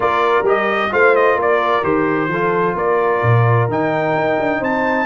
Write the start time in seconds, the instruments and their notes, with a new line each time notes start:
0.00 tuba A#3, trombone F4, horn A#4, trumpet D5
0.42 tuba G3, trombone G4
0.48 trumpet D#5
0.90 tuba A3, trombone F4, horn C5, trumpet F5
1.15 trumpet D#5
1.35 tuba A#3, horn A#4
1.41 trumpet D5
1.82 tuba D#3, trombone G4, trumpet C5
2.28 tuba F3, trombone F4, horn A4
2.75 tuba A#3, horn A#4, trumpet D5
3.22 tuba A#2
3.68 tuba D#3, trombone D#4, trumpet G5
4.15 tuba D#4
4.39 tuba D4
4.59 tuba C4, horn C5, trumpet A5